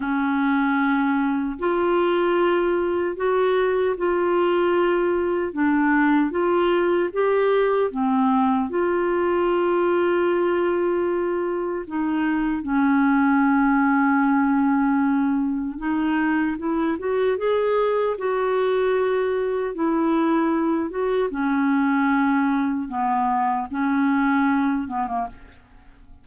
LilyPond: \new Staff \with { instrumentName = "clarinet" } { \time 4/4 \tempo 4 = 76 cis'2 f'2 | fis'4 f'2 d'4 | f'4 g'4 c'4 f'4~ | f'2. dis'4 |
cis'1 | dis'4 e'8 fis'8 gis'4 fis'4~ | fis'4 e'4. fis'8 cis'4~ | cis'4 b4 cis'4. b16 ais16 | }